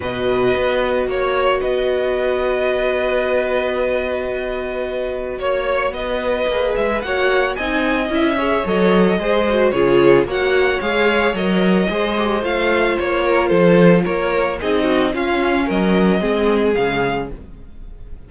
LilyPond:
<<
  \new Staff \with { instrumentName = "violin" } { \time 4/4 \tempo 4 = 111 dis''2 cis''4 dis''4~ | dis''1~ | dis''2 cis''4 dis''4~ | dis''8 e''8 fis''4 gis''4 e''4 |
dis''2 cis''4 fis''4 | f''4 dis''2 f''4 | cis''4 c''4 cis''4 dis''4 | f''4 dis''2 f''4 | }
  \new Staff \with { instrumentName = "violin" } { \time 4/4 b'2 cis''4 b'4~ | b'1~ | b'2 cis''4 b'4~ | b'4 cis''4 dis''4. cis''8~ |
cis''4 c''4 gis'4 cis''4~ | cis''2 c''2~ | c''8 ais'8 a'4 ais'4 gis'8 fis'8 | f'4 ais'4 gis'2 | }
  \new Staff \with { instrumentName = "viola" } { \time 4/4 fis'1~ | fis'1~ | fis'1 | gis'4 fis'4 dis'4 e'8 gis'8 |
a'4 gis'8 fis'8 f'4 fis'4 | gis'4 ais'4 gis'8 g'8 f'4~ | f'2. dis'4 | cis'2 c'4 gis4 | }
  \new Staff \with { instrumentName = "cello" } { \time 4/4 b,4 b4 ais4 b4~ | b1~ | b2 ais4 b4 | ais8 gis8 ais4 c'4 cis'4 |
fis4 gis4 cis4 ais4 | gis4 fis4 gis4 a4 | ais4 f4 ais4 c'4 | cis'4 fis4 gis4 cis4 | }
>>